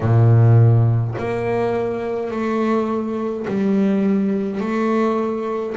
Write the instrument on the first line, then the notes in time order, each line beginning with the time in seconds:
double bass
0.00 A#2
1.18 A#3
2.30 A3
3.47 G3
4.60 A3